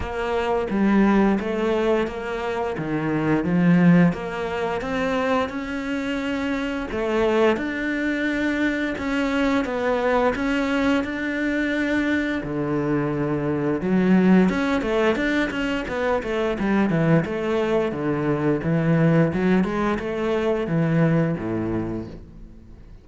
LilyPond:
\new Staff \with { instrumentName = "cello" } { \time 4/4 \tempo 4 = 87 ais4 g4 a4 ais4 | dis4 f4 ais4 c'4 | cis'2 a4 d'4~ | d'4 cis'4 b4 cis'4 |
d'2 d2 | fis4 cis'8 a8 d'8 cis'8 b8 a8 | g8 e8 a4 d4 e4 | fis8 gis8 a4 e4 a,4 | }